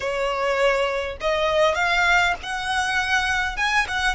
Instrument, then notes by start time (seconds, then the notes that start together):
violin
0.00 C#5
1.20 D#5
1.74 F5
2.42 F#5
3.56 G#5
3.87 F#5